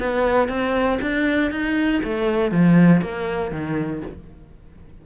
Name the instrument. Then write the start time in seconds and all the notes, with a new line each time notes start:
cello
0.00 B3
0.49 C4
1.02 D4
1.51 D#4
2.04 A3
2.52 F3
3.02 A#3
3.52 D#3